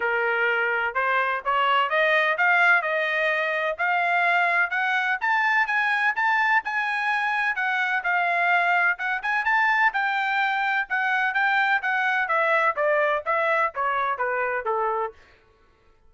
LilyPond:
\new Staff \with { instrumentName = "trumpet" } { \time 4/4 \tempo 4 = 127 ais'2 c''4 cis''4 | dis''4 f''4 dis''2 | f''2 fis''4 a''4 | gis''4 a''4 gis''2 |
fis''4 f''2 fis''8 gis''8 | a''4 g''2 fis''4 | g''4 fis''4 e''4 d''4 | e''4 cis''4 b'4 a'4 | }